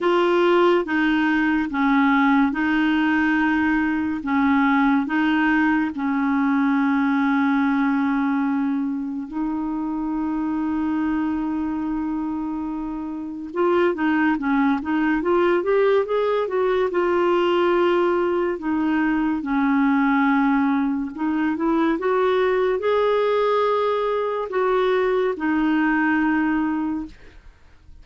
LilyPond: \new Staff \with { instrumentName = "clarinet" } { \time 4/4 \tempo 4 = 71 f'4 dis'4 cis'4 dis'4~ | dis'4 cis'4 dis'4 cis'4~ | cis'2. dis'4~ | dis'1 |
f'8 dis'8 cis'8 dis'8 f'8 g'8 gis'8 fis'8 | f'2 dis'4 cis'4~ | cis'4 dis'8 e'8 fis'4 gis'4~ | gis'4 fis'4 dis'2 | }